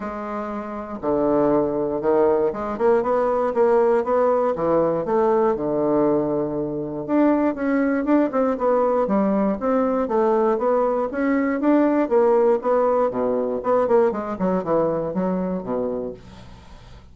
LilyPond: \new Staff \with { instrumentName = "bassoon" } { \time 4/4 \tempo 4 = 119 gis2 d2 | dis4 gis8 ais8 b4 ais4 | b4 e4 a4 d4~ | d2 d'4 cis'4 |
d'8 c'8 b4 g4 c'4 | a4 b4 cis'4 d'4 | ais4 b4 b,4 b8 ais8 | gis8 fis8 e4 fis4 b,4 | }